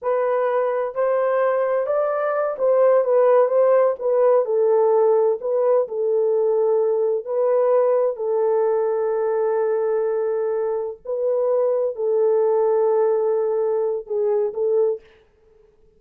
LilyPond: \new Staff \with { instrumentName = "horn" } { \time 4/4 \tempo 4 = 128 b'2 c''2 | d''4. c''4 b'4 c''8~ | c''8 b'4 a'2 b'8~ | b'8 a'2. b'8~ |
b'4. a'2~ a'8~ | a'2.~ a'8 b'8~ | b'4. a'2~ a'8~ | a'2 gis'4 a'4 | }